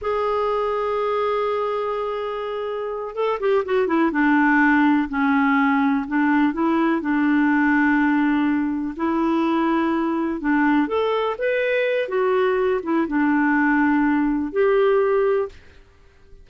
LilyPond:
\new Staff \with { instrumentName = "clarinet" } { \time 4/4 \tempo 4 = 124 gis'1~ | gis'2~ gis'8 a'8 g'8 fis'8 | e'8 d'2 cis'4.~ | cis'8 d'4 e'4 d'4.~ |
d'2~ d'8 e'4.~ | e'4. d'4 a'4 b'8~ | b'4 fis'4. e'8 d'4~ | d'2 g'2 | }